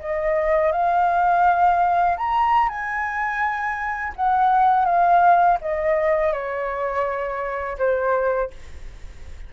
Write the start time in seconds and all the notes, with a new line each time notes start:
0.00 D#5
0.73 F5
2.18 A#5
2.69 G#5
4.16 F#5
4.86 F5
5.62 D#5
6.33 C#5
7.79 C5